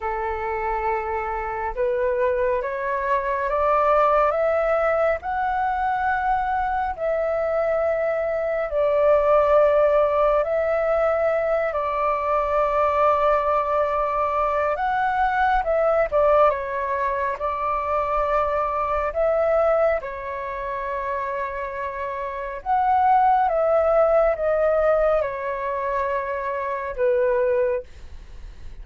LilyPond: \new Staff \with { instrumentName = "flute" } { \time 4/4 \tempo 4 = 69 a'2 b'4 cis''4 | d''4 e''4 fis''2 | e''2 d''2 | e''4. d''2~ d''8~ |
d''4 fis''4 e''8 d''8 cis''4 | d''2 e''4 cis''4~ | cis''2 fis''4 e''4 | dis''4 cis''2 b'4 | }